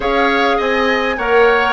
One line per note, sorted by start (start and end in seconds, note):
0.00 0.59 C#4
0.00 1.16 G#4
0.00 0.57 C#5
0.00 0.59 F5
0.57 1.17 C4
0.57 1.16 D#5
0.57 1.18 G#5
1.17 1.72 A#3
1.17 1.72 A#4
1.17 1.72 C#5
1.17 1.72 F#5